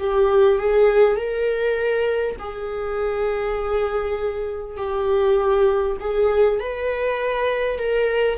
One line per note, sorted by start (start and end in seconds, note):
0.00 0.59 G4
0.59 1.17 G#4
1.17 2.37 A#4
2.39 4.78 G#4
4.78 5.98 G4
6.01 6.60 G#4
6.60 7.79 B4
7.79 8.38 A#4